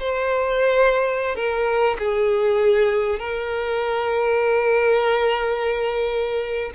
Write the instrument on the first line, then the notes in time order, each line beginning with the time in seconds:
violin
0.00 C5
1.36 A#4
1.99 G#4
3.20 A#4